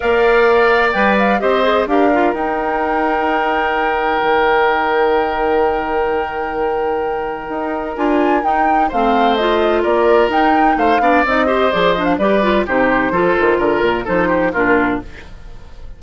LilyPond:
<<
  \new Staff \with { instrumentName = "flute" } { \time 4/4 \tempo 4 = 128 f''2 g''8 f''8 dis''4 | f''4 g''2.~ | g''1~ | g''1~ |
g''4 gis''4 g''4 f''4 | dis''4 d''4 g''4 f''4 | dis''4 d''8 dis''16 f''16 d''4 c''4~ | c''4 ais'4 c''4 ais'4 | }
  \new Staff \with { instrumentName = "oboe" } { \time 4/4 d''2. c''4 | ais'1~ | ais'1~ | ais'1~ |
ais'2. c''4~ | c''4 ais'2 c''8 d''8~ | d''8 c''4. b'4 g'4 | a'4 ais'4 a'8 g'8 f'4 | }
  \new Staff \with { instrumentName = "clarinet" } { \time 4/4 ais'2 b'4 g'8 gis'8 | g'8 f'8 dis'2.~ | dis'1~ | dis'1~ |
dis'4 f'4 dis'4 c'4 | f'2 dis'4. d'8 | dis'8 g'8 gis'8 d'8 g'8 f'8 dis'4 | f'2 dis'4 d'4 | }
  \new Staff \with { instrumentName = "bassoon" } { \time 4/4 ais2 g4 c'4 | d'4 dis'2.~ | dis'4 dis2.~ | dis1 |
dis'4 d'4 dis'4 a4~ | a4 ais4 dis'4 a8 b8 | c'4 f4 g4 c4 | f8 dis8 d8 ais,8 f4 ais,4 | }
>>